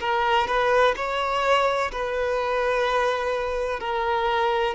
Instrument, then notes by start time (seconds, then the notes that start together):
violin
0.00 A#4
0.47 B4
0.96 C#5
1.91 B4
3.80 A#4